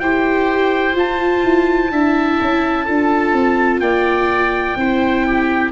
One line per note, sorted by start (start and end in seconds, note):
0.00 0.96 E4
0.00 0.93 G4
0.00 1.92 C5
0.00 0.95 G5
0.93 1.89 F4
0.93 1.43 F4
0.93 3.80 A5
1.44 1.91 E4
1.91 2.39 D4
1.91 2.87 E4
1.91 2.86 E5
2.41 2.88 C#4
2.86 3.33 D4
2.86 4.78 F4
2.86 3.81 A4
3.33 3.81 C4
3.80 4.76 A#3
3.80 4.78 D5
3.80 5.71 G5
4.76 5.71 C4
4.76 5.72 E4
4.76 5.27 C5
5.27 5.72 G4